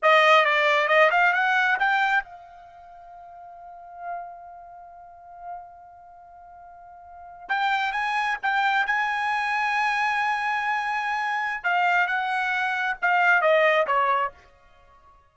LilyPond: \new Staff \with { instrumentName = "trumpet" } { \time 4/4 \tempo 4 = 134 dis''4 d''4 dis''8 f''8 fis''4 | g''4 f''2.~ | f''1~ | f''1~ |
f''8. g''4 gis''4 g''4 gis''16~ | gis''1~ | gis''2 f''4 fis''4~ | fis''4 f''4 dis''4 cis''4 | }